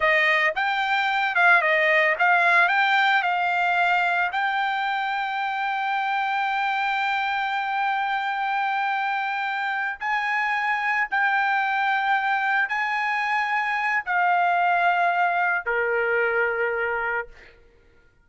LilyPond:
\new Staff \with { instrumentName = "trumpet" } { \time 4/4 \tempo 4 = 111 dis''4 g''4. f''8 dis''4 | f''4 g''4 f''2 | g''1~ | g''1~ |
g''2~ g''8 gis''4.~ | gis''8 g''2. gis''8~ | gis''2 f''2~ | f''4 ais'2. | }